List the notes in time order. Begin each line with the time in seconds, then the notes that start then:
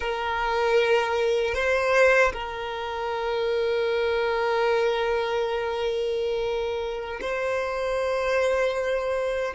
0.00 A#4
1.54 C5
2.32 A#4
7.20 C5